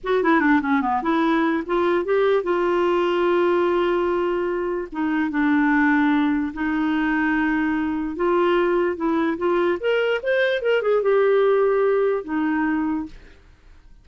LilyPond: \new Staff \with { instrumentName = "clarinet" } { \time 4/4 \tempo 4 = 147 fis'8 e'8 d'8 cis'8 b8 e'4. | f'4 g'4 f'2~ | f'1 | dis'4 d'2. |
dis'1 | f'2 e'4 f'4 | ais'4 c''4 ais'8 gis'8 g'4~ | g'2 dis'2 | }